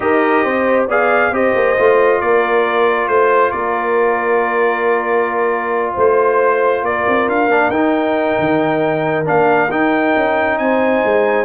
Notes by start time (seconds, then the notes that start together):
0.00 D#4 G4 A#4 D#5
0.43 C4 C5
0.87 B3 G#4 D5 F5
1.31 C4 G4 C5 D#5
1.54 A#3
1.77 A3 F4
2.20 A#3 A#4 D5
3.08 A3 C5
3.51 A#3 A#4 D5
5.93 A3 C5
6.82 A#3 A#4 D5
7.08 C4
7.28 D4 F5
7.48 A#3 D4
7.69 D#4 G5
8.39 D#3
9.25 A#3 D4 F5
9.70 D#4 G5
10.16 C#4
10.57 C4 C5 G#5
11.03 G#3